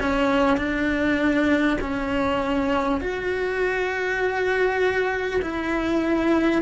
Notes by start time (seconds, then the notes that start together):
0.00 C#4
0.57 D4
1.80 C#4
3.01 F#4
5.42 E4